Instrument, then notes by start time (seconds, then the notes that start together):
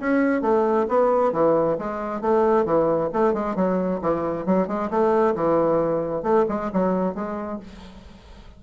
bassoon
0.00 C#4
0.42 A3
0.89 B3
1.33 E3
1.79 G#3
2.21 A3
2.65 E3
3.14 A3
3.34 G#3
3.56 F#3
4.02 E3
4.46 F#3
4.68 G#3
4.91 A3
5.36 E3
6.23 A3
6.49 G#3
6.73 F#3
7.15 G#3